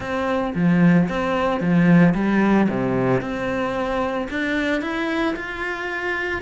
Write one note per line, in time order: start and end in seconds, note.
0.00 0.53 C4
0.55 1.08 F3
1.09 1.60 C4
1.60 2.14 F3
2.14 2.68 G3
2.69 3.20 C3
3.20 4.27 C4
4.30 4.81 D4
4.81 5.35 E4
5.36 6.41 F4